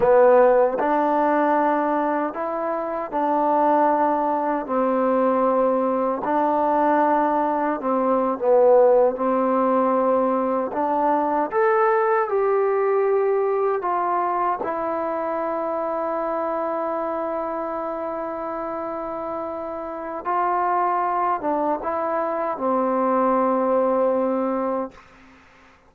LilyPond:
\new Staff \with { instrumentName = "trombone" } { \time 4/4 \tempo 4 = 77 b4 d'2 e'4 | d'2 c'2 | d'2 c'8. b4 c'16~ | c'4.~ c'16 d'4 a'4 g'16~ |
g'4.~ g'16 f'4 e'4~ e'16~ | e'1~ | e'2 f'4. d'8 | e'4 c'2. | }